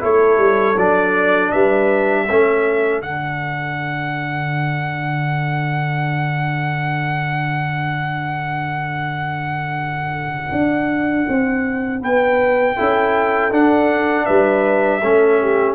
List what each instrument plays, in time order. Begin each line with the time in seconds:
0.00 tuba A3, trombone E4, horn A4, trumpet C#5
0.37 tuba G3
0.76 tuba F#3, trombone D4, trumpet D5
1.51 tuba G3, horn B4, trumpet E5
2.25 tuba A3, trombone C#4, horn A4
3.01 tuba D3, trombone D4, trumpet F#5
10.51 tuba D4
11.28 tuba C4
12.00 tuba B3, horn B4, trumpet G5
12.76 tuba C#4, trombone E4, horn A4
13.51 trombone D4, tuba D4, trumpet F#5
14.26 tuba G3, horn B4, trumpet E5
15.03 tuba A3, trombone C#4, horn A4
15.41 horn G4